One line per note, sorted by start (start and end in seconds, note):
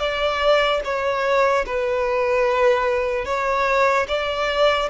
0.00 0.81 D5
0.85 1.66 C#5
1.66 3.26 B4
3.26 4.07 C#5
4.09 4.90 D5